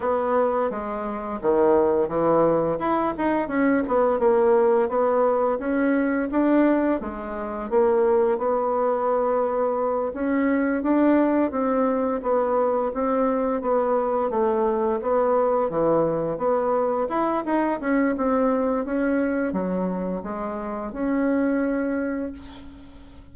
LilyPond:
\new Staff \with { instrumentName = "bassoon" } { \time 4/4 \tempo 4 = 86 b4 gis4 dis4 e4 | e'8 dis'8 cis'8 b8 ais4 b4 | cis'4 d'4 gis4 ais4 | b2~ b8 cis'4 d'8~ |
d'8 c'4 b4 c'4 b8~ | b8 a4 b4 e4 b8~ | b8 e'8 dis'8 cis'8 c'4 cis'4 | fis4 gis4 cis'2 | }